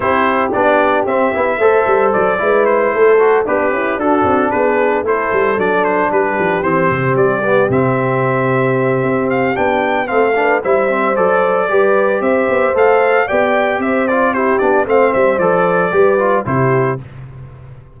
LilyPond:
<<
  \new Staff \with { instrumentName = "trumpet" } { \time 4/4 \tempo 4 = 113 c''4 d''4 e''2 | d''4 c''4. b'4 a'8~ | a'8 b'4 c''4 d''8 c''8 b'8~ | b'8 c''4 d''4 e''4.~ |
e''4. f''8 g''4 f''4 | e''4 d''2 e''4 | f''4 g''4 e''8 d''8 c''8 d''8 | f''8 e''8 d''2 c''4 | }
  \new Staff \with { instrumentName = "horn" } { \time 4/4 g'2. c''4~ | c''8 b'4 a'4 d'8 e'8 fis'8~ | fis'8 gis'4 a'2 g'8~ | g'1~ |
g'2. a'8 b'8 | c''2 b'4 c''4~ | c''4 d''4 c''4 g'4 | c''2 b'4 g'4 | }
  \new Staff \with { instrumentName = "trombone" } { \time 4/4 e'4 d'4 c'8 e'8 a'4~ | a'8 e'4. fis'8 g'4 d'8~ | d'4. e'4 d'4.~ | d'8 c'4. b8 c'4.~ |
c'2 d'4 c'8 d'8 | e'8 c'8 a'4 g'2 | a'4 g'4. f'8 e'8 d'8 | c'4 a'4 g'8 f'8 e'4 | }
  \new Staff \with { instrumentName = "tuba" } { \time 4/4 c'4 b4 c'8 b8 a8 g8 | fis8 gis4 a4 b8 cis'8 d'8 | c'8 b4 a8 g8 fis4 g8 | f8 e8 c8 g4 c4.~ |
c4 c'4 b4 a4 | g4 fis4 g4 c'8 b8 | a4 b4 c'4. b8 | a8 g8 f4 g4 c4 | }
>>